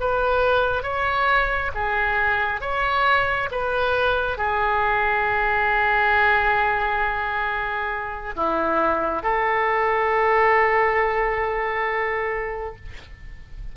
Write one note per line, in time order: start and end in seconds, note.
0.00 0.83 B4
0.83 1.71 C#5
1.74 2.61 G#4
2.61 3.49 C#5
3.51 4.38 B4
4.38 8.35 G#4
8.36 9.22 E4
9.22 12.75 A4